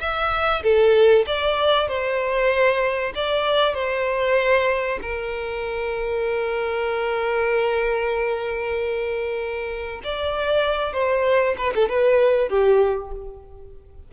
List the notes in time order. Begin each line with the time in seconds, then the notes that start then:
0.00 E5
0.63 A4
1.26 D5
1.88 C5
3.15 D5
3.74 C5
5.01 A#4
10.04 D5
10.93 C5
11.58 B4
11.75 A4
11.89 B4
12.49 G4